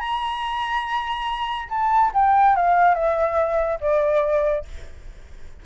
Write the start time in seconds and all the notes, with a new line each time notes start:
0.00 A#5
1.69 A5
2.14 G5
2.56 F5
2.95 E5
3.81 D5